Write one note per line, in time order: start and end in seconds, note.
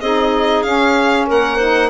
0.00 0.63 C4
0.00 0.64 D#4
0.00 1.27 G#4
0.00 0.62 D#5
0.62 1.28 C#4
0.62 1.59 C#4
0.62 1.26 F5
1.27 1.90 A#3
1.27 1.56 A#4
1.27 1.90 F#5
1.56 1.90 D#4
1.56 1.88 C5